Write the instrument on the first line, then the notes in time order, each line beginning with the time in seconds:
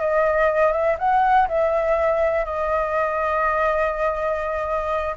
flute
0.00 D#5
0.72 E5
0.98 F#5
1.48 E5
2.45 D#5